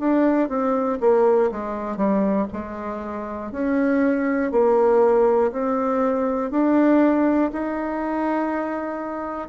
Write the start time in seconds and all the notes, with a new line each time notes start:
0.00 D4
0.49 C4
1.00 A#3
1.51 G#3
1.97 G3
2.53 G#3
3.51 C#4
4.52 A#3
5.52 C4
6.50 D4
7.52 D#4